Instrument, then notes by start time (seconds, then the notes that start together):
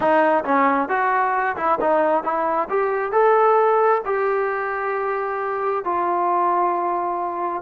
trombone
0.00 D#4
0.44 C#4
0.89 F#4
1.56 E4
1.80 D#4
2.23 E4
2.69 G4
3.12 A4
4.05 G4
5.84 F4